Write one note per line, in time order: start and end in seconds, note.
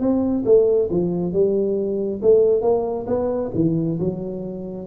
0.00 0.44 C4
0.45 0.89 A3
0.91 1.33 F3
1.33 2.21 G3
2.22 2.62 A3
2.62 3.06 A#3
3.07 3.51 B3
3.55 3.99 E3
4.00 4.87 F#3